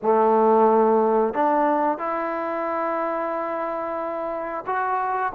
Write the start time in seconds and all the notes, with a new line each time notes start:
0.02 A3
1.34 D4
1.98 E4
4.66 F#4